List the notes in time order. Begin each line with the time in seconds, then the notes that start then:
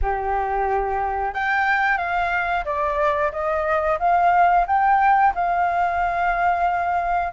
0.02 G4
1.33 G5
1.97 F5
2.65 D5
3.32 D#5
3.99 F5
4.67 G5
5.35 F5